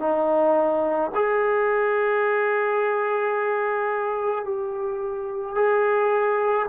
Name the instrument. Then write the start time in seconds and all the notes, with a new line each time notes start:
trombone
0.00 D#4
1.15 G#4
4.45 G4
5.56 G#4